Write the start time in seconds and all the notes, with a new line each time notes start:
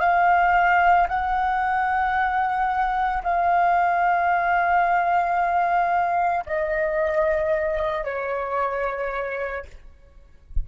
0.00 F5
1.08 F#5
3.23 F5
6.45 D#5
8.04 C#5